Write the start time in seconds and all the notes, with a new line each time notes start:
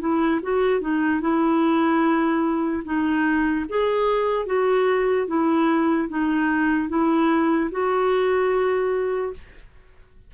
0.00 E4
0.43 F#4
0.81 D#4
1.21 E4
2.85 D#4
3.69 G#4
4.46 F#4
5.27 E4
6.09 D#4
6.89 E4
7.71 F#4